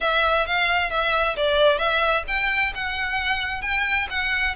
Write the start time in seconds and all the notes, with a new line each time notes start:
0.01 E5
0.46 F5
0.90 E5
1.36 D5
1.78 E5
2.27 G5
2.75 F#5
3.61 G5
4.10 F#5